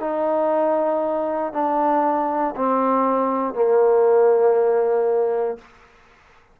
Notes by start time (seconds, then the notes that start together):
0.00 D#4
1.53 D4
2.56 C4
3.54 A#3